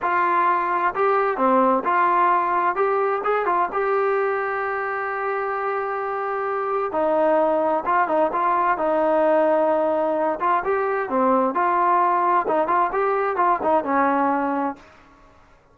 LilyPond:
\new Staff \with { instrumentName = "trombone" } { \time 4/4 \tempo 4 = 130 f'2 g'4 c'4 | f'2 g'4 gis'8 f'8 | g'1~ | g'2. dis'4~ |
dis'4 f'8 dis'8 f'4 dis'4~ | dis'2~ dis'8 f'8 g'4 | c'4 f'2 dis'8 f'8 | g'4 f'8 dis'8 cis'2 | }